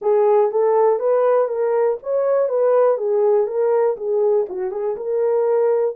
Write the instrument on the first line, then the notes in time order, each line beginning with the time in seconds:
horn
0.01 G#4
0.51 A4
0.99 B4
1.47 A#4
2.03 C#5
2.48 B4
2.97 G#4
3.47 A#4
3.96 G#4
4.49 F#4
4.71 G#4
4.96 A#4